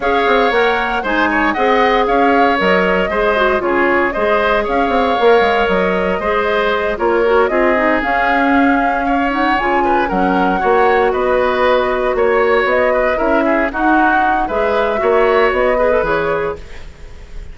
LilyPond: <<
  \new Staff \with { instrumentName = "flute" } { \time 4/4 \tempo 4 = 116 f''4 fis''4 gis''4 fis''4 | f''4 dis''2 cis''4 | dis''4 f''2 dis''4~ | dis''4. cis''4 dis''4 f''8~ |
f''2 fis''8 gis''4 fis''8~ | fis''4. dis''2 cis''8~ | cis''8 dis''4 e''4 fis''4. | e''2 dis''4 cis''4 | }
  \new Staff \with { instrumentName = "oboe" } { \time 4/4 cis''2 c''8 cis''8 dis''4 | cis''2 c''4 gis'4 | c''4 cis''2. | c''4. ais'4 gis'4.~ |
gis'4. cis''4. b'8 ais'8~ | ais'8 cis''4 b'2 cis''8~ | cis''4 b'8 ais'8 gis'8 fis'4. | b'4 cis''4. b'4. | }
  \new Staff \with { instrumentName = "clarinet" } { \time 4/4 gis'4 ais'4 dis'4 gis'4~ | gis'4 ais'4 gis'8 fis'8 f'4 | gis'2 ais'2 | gis'4. f'8 fis'8 f'8 dis'8 cis'8~ |
cis'2 dis'8 f'4 cis'8~ | cis'8 fis'2.~ fis'8~ | fis'4. e'4 dis'4. | gis'4 fis'4. gis'16 a'16 gis'4 | }
  \new Staff \with { instrumentName = "bassoon" } { \time 4/4 cis'8 c'8 ais4 gis4 c'4 | cis'4 fis4 gis4 cis4 | gis4 cis'8 c'8 ais8 gis8 fis4 | gis4. ais4 c'4 cis'8~ |
cis'2~ cis'8 cis4 fis8~ | fis8 ais4 b2 ais8~ | ais8 b4 cis'4 dis'4. | gis4 ais4 b4 e4 | }
>>